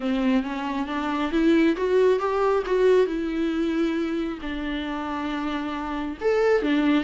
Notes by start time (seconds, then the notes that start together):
0.00 C4
0.43 C#4
0.87 D4
1.31 E4
1.76 F#4
2.19 G4
2.66 F#4
3.06 E4
4.41 D4
6.20 A4
6.62 D4